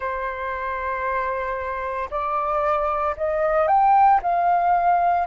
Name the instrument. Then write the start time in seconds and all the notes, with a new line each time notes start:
flute
0.00 C5
2.10 D5
3.16 D#5
3.67 G5
4.22 F5